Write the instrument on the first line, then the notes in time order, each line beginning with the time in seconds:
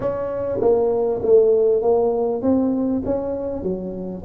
tuba
0.00 C#4
0.60 A#3
1.22 A3
1.82 A#3
2.42 C4
3.05 C#4
3.62 F#3